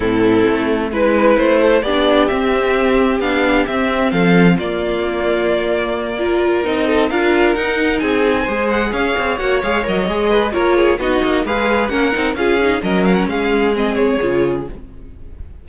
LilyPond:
<<
  \new Staff \with { instrumentName = "violin" } { \time 4/4 \tempo 4 = 131 a'2 b'4 c''4 | d''4 e''2 f''4 | e''4 f''4 d''2~ | d''2~ d''8 dis''4 f''8~ |
f''8 fis''4 gis''4. fis''8 f''8~ | f''8 fis''8 f''8 dis''4. cis''4 | dis''4 f''4 fis''4 f''4 | dis''8 f''16 fis''16 f''4 dis''8 cis''4. | }
  \new Staff \with { instrumentName = "violin" } { \time 4/4 e'2 b'4. a'8 | g'1~ | g'4 a'4 f'2~ | f'4. ais'4. a'8 ais'8~ |
ais'4. gis'4 c''4 cis''8~ | cis''2~ cis''8 b'8 ais'8 gis'8 | fis'4 b'4 ais'4 gis'4 | ais'4 gis'2. | }
  \new Staff \with { instrumentName = "viola" } { \time 4/4 c'2 e'2 | d'4 c'2 d'4 | c'2 ais2~ | ais4. f'4 dis'4 f'8~ |
f'8 dis'2 gis'4.~ | gis'8 fis'8 gis'8 ais'8 gis'4 f'4 | dis'4 gis'4 cis'8 dis'8 f'8 dis'8 | cis'2 c'4 f'4 | }
  \new Staff \with { instrumentName = "cello" } { \time 4/4 a,4 a4 gis4 a4 | b4 c'2 b4 | c'4 f4 ais2~ | ais2~ ais8 c'4 d'8~ |
d'8 dis'4 c'4 gis4 cis'8 | c'8 ais8 gis8 fis8 gis4 ais4 | b8 ais8 gis4 ais8 c'8 cis'4 | fis4 gis2 cis4 | }
>>